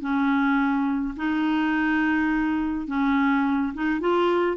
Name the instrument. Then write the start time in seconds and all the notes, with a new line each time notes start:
clarinet
0.00 C#4
1.16 D#4
2.87 C#4
3.74 D#4
4.00 F4